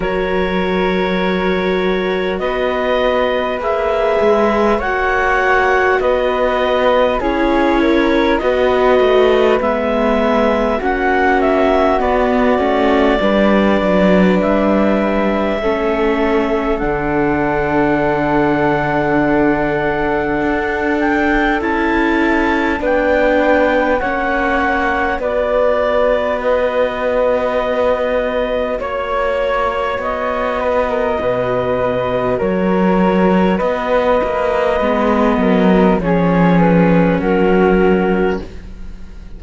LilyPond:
<<
  \new Staff \with { instrumentName = "clarinet" } { \time 4/4 \tempo 4 = 50 cis''2 dis''4 e''4 | fis''4 dis''4 cis''4 dis''4 | e''4 fis''8 e''8 d''2 | e''2 fis''2~ |
fis''4. g''8 a''4 g''4 | fis''4 d''4 dis''2 | cis''4 dis''2 cis''4 | dis''2 cis''8 b'8 ais'4 | }
  \new Staff \with { instrumentName = "flute" } { \time 4/4 ais'2 b'2 | cis''4 b'4 gis'8 ais'8 b'4~ | b'4 fis'2 b'4~ | b'4 a'2.~ |
a'2. b'4 | cis''4 b'2. | cis''4. b'16 ais'16 b'4 ais'4 | b'4. ais'8 gis'4 fis'4 | }
  \new Staff \with { instrumentName = "viola" } { \time 4/4 fis'2. gis'4 | fis'2 e'4 fis'4 | b4 cis'4 b8 cis'8 d'4~ | d'4 cis'4 d'2~ |
d'2 e'4 d'4 | cis'4 fis'2.~ | fis'1~ | fis'4 b4 cis'2 | }
  \new Staff \with { instrumentName = "cello" } { \time 4/4 fis2 b4 ais8 gis8 | ais4 b4 cis'4 b8 a8 | gis4 ais4 b8 a8 g8 fis8 | g4 a4 d2~ |
d4 d'4 cis'4 b4 | ais4 b2. | ais4 b4 b,4 fis4 | b8 ais8 gis8 fis8 f4 fis4 | }
>>